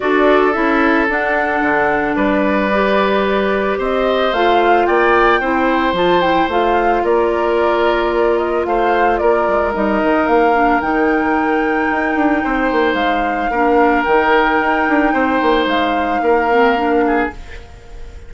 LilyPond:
<<
  \new Staff \with { instrumentName = "flute" } { \time 4/4 \tempo 4 = 111 d''4 e''4 fis''2 | d''2. dis''4 | f''4 g''2 a''8 g''8 | f''4 d''2~ d''8 dis''8 |
f''4 d''4 dis''4 f''4 | g''1 | f''2 g''2~ | g''4 f''2. | }
  \new Staff \with { instrumentName = "oboe" } { \time 4/4 a'1 | b'2. c''4~ | c''4 d''4 c''2~ | c''4 ais'2. |
c''4 ais'2.~ | ais'2. c''4~ | c''4 ais'2. | c''2 ais'4. gis'8 | }
  \new Staff \with { instrumentName = "clarinet" } { \time 4/4 fis'4 e'4 d'2~ | d'4 g'2. | f'2 e'4 f'8 e'8 | f'1~ |
f'2 dis'4. d'8 | dis'1~ | dis'4 d'4 dis'2~ | dis'2~ dis'8 c'8 d'4 | }
  \new Staff \with { instrumentName = "bassoon" } { \time 4/4 d'4 cis'4 d'4 d4 | g2. c'4 | a4 ais4 c'4 f4 | a4 ais2. |
a4 ais8 gis8 g8 dis8 ais4 | dis2 dis'8 d'8 c'8 ais8 | gis4 ais4 dis4 dis'8 d'8 | c'8 ais8 gis4 ais2 | }
>>